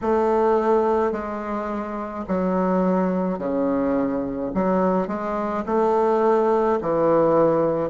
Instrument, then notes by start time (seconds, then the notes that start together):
bassoon
0.01 A3
1.12 G#3
2.27 F#3
3.38 C#3
4.54 F#3
5.07 G#3
5.66 A3
6.81 E3